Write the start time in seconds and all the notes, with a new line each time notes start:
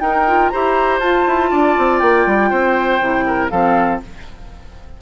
0.00 D#4 A#4 G5
0.27 F4
0.49 E4 G4 C5 A#5
0.99 F4 A5
1.27 E4
1.50 D4 D5
1.78 C4
1.98 A#3 G5
2.26 G3
2.49 C4 C5
3.01 C3 E4
3.26 A#4
3.49 F3 C4 A4 F5